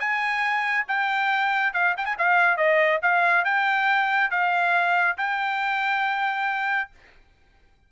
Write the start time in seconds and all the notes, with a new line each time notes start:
0.00 G#5
0.88 G5
1.73 F5
1.97 G5
2.05 G#5
2.18 F5
2.57 D#5
3.02 F5
3.44 G5
4.31 F5
5.17 G5